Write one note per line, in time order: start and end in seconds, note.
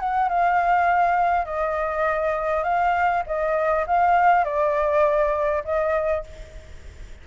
0.00 0.29 F#5
0.29 1.46 F5
1.46 2.64 D#5
2.64 3.23 F5
3.27 3.86 D#5
3.87 4.45 F5
4.45 5.64 D5
5.65 6.24 D#5